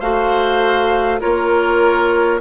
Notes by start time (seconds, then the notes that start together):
0.00 A3 F#4 C5 F5
1.21 A#3 F4 A#4 C#5